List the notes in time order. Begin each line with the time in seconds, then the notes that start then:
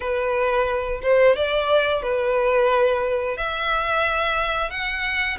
0.00 B4
1.02 C5
1.36 D5
2.02 B4
3.37 E5
4.70 F#5